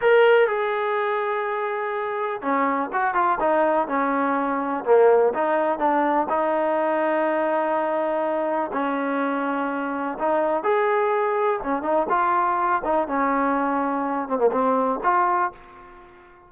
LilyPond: \new Staff \with { instrumentName = "trombone" } { \time 4/4 \tempo 4 = 124 ais'4 gis'2.~ | gis'4 cis'4 fis'8 f'8 dis'4 | cis'2 ais4 dis'4 | d'4 dis'2.~ |
dis'2 cis'2~ | cis'4 dis'4 gis'2 | cis'8 dis'8 f'4. dis'8 cis'4~ | cis'4. c'16 ais16 c'4 f'4 | }